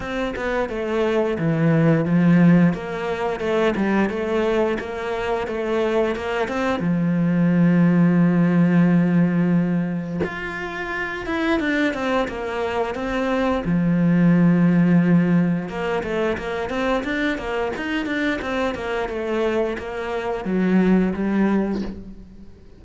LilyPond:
\new Staff \with { instrumentName = "cello" } { \time 4/4 \tempo 4 = 88 c'8 b8 a4 e4 f4 | ais4 a8 g8 a4 ais4 | a4 ais8 c'8 f2~ | f2. f'4~ |
f'8 e'8 d'8 c'8 ais4 c'4 | f2. ais8 a8 | ais8 c'8 d'8 ais8 dis'8 d'8 c'8 ais8 | a4 ais4 fis4 g4 | }